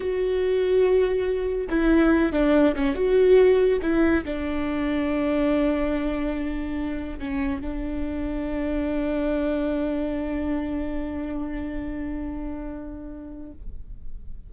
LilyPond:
\new Staff \with { instrumentName = "viola" } { \time 4/4 \tempo 4 = 142 fis'1 | e'4. d'4 cis'8 fis'4~ | fis'4 e'4 d'2~ | d'1~ |
d'4 cis'4 d'2~ | d'1~ | d'1~ | d'1 | }